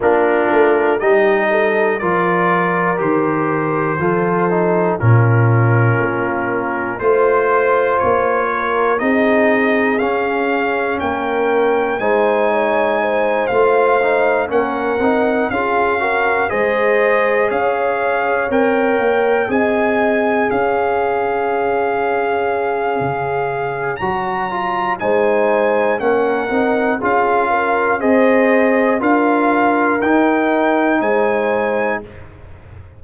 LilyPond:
<<
  \new Staff \with { instrumentName = "trumpet" } { \time 4/4 \tempo 4 = 60 ais'4 dis''4 d''4 c''4~ | c''4 ais'2 c''4 | cis''4 dis''4 f''4 g''4 | gis''4. f''4 fis''4 f''8~ |
f''8 dis''4 f''4 g''4 gis''8~ | gis''8 f''2.~ f''8 | ais''4 gis''4 fis''4 f''4 | dis''4 f''4 g''4 gis''4 | }
  \new Staff \with { instrumentName = "horn" } { \time 4/4 f'4 g'8 a'8 ais'2 | a'4 f'2 c''4~ | c''8 ais'8 gis'2 ais'4 | c''8 cis''8 c''4. ais'4 gis'8 |
ais'8 c''4 cis''2 dis''8~ | dis''8 cis''2.~ cis''8~ | cis''4 c''4 ais'4 gis'8 ais'8 | c''4 ais'2 c''4 | }
  \new Staff \with { instrumentName = "trombone" } { \time 4/4 d'4 dis'4 f'4 g'4 | f'8 dis'8 cis'2 f'4~ | f'4 dis'4 cis'2 | dis'4. f'8 dis'8 cis'8 dis'8 f'8 |
fis'8 gis'2 ais'4 gis'8~ | gis'1 | fis'8 f'8 dis'4 cis'8 dis'8 f'4 | gis'4 f'4 dis'2 | }
  \new Staff \with { instrumentName = "tuba" } { \time 4/4 ais8 a8 g4 f4 dis4 | f4 ais,4 ais4 a4 | ais4 c'4 cis'4 ais4 | gis4. a4 ais8 c'8 cis'8~ |
cis'8 gis4 cis'4 c'8 ais8 c'8~ | c'8 cis'2~ cis'8 cis4 | fis4 gis4 ais8 c'8 cis'4 | c'4 d'4 dis'4 gis4 | }
>>